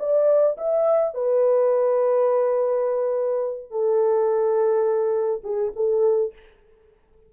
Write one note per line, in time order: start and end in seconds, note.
0.00 0.57 D5
0.58 1.15 E5
1.15 3.71 B4
3.71 5.42 A4
5.44 5.73 G#4
5.76 6.33 A4